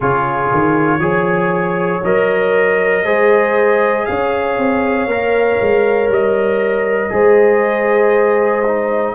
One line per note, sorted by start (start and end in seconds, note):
0.00 0.51 C#3
0.00 1.00 F4
0.00 0.99 G#4
0.00 2.04 C#5
0.51 0.99 D#3
0.99 2.00 F3
0.99 2.02 G#4
0.99 3.04 C#5
2.03 3.04 F#3
2.03 3.05 A#4
2.03 4.05 D#5
3.04 4.06 G#3
3.04 5.08 G#4
3.04 4.05 C5
4.05 4.58 C#4
4.05 7.12 C#5
4.05 6.09 F5
4.58 5.06 C4
5.06 5.57 A#3
5.06 7.10 A#4
5.61 6.08 G#3
6.08 7.10 G3
6.08 9.14 D#5
7.10 9.14 G#3
7.10 8.62 G#4
7.10 9.14 C5
8.66 9.14 D#4